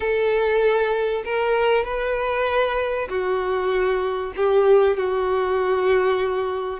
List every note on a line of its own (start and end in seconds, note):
0.00 1.23 A4
1.24 1.84 A#4
1.84 3.08 B4
3.09 4.33 F#4
4.36 4.97 G4
4.97 6.80 F#4